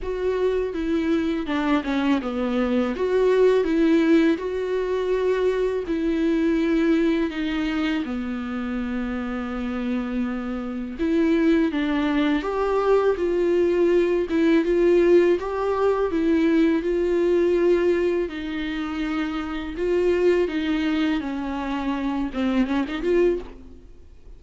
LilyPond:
\new Staff \with { instrumentName = "viola" } { \time 4/4 \tempo 4 = 82 fis'4 e'4 d'8 cis'8 b4 | fis'4 e'4 fis'2 | e'2 dis'4 b4~ | b2. e'4 |
d'4 g'4 f'4. e'8 | f'4 g'4 e'4 f'4~ | f'4 dis'2 f'4 | dis'4 cis'4. c'8 cis'16 dis'16 f'8 | }